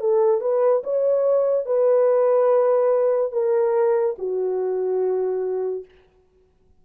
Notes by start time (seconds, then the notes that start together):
0.00 A4
0.41 B4
0.84 C#5
1.66 B4
3.33 A#4
4.19 F#4